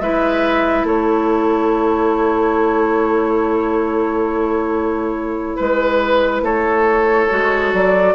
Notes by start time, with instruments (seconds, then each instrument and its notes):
0.00 bassoon G#3, clarinet E4, oboe B4, flute E5
0.83 bassoon A3, oboe A4, flute C#5
5.56 bassoon G#3, oboe B4, flute B4
6.42 bassoon A3, oboe A4, flute C#5
7.30 bassoon G#3, clarinet F#4
7.73 bassoon F#3, flute D5